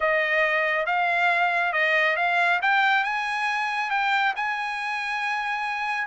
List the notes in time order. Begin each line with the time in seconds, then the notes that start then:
0.00 D#5
0.86 F5
1.73 D#5
2.16 F5
2.62 G5
3.04 G#5
3.90 G5
4.36 G#5